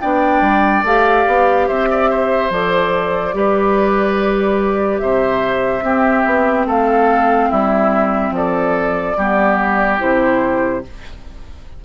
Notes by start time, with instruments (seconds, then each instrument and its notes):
0.00 bassoon B3, clarinet D4, oboe D5, flute G5
0.41 bassoon G3
0.83 bassoon A3, clarinet G4, flute F5
1.27 bassoon B3
1.68 bassoon C4, oboe C5, flute E5
1.90 oboe D5
2.09 oboe C5
2.50 bassoon F3, clarinet A4, flute D5
3.33 bassoon G3, clarinet G4, oboe B4
4.98 bassoon C3, oboe C5, flute E5
5.81 clarinet C4, bassoon C4, oboe G4
6.25 bassoon B3
6.66 bassoon A3, oboe A4, flute F5
7.49 bassoon G3, oboe E4, flute E5
8.31 bassoon F3, oboe A4, flute D5
9.16 bassoon G3, clarinet B3, oboe G4
9.98 bassoon C3, clarinet E4, flute C5